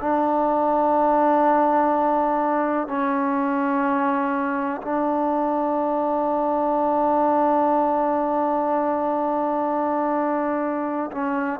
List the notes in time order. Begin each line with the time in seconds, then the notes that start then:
0.00 D4
2.87 C#4
4.81 D4
11.11 C#4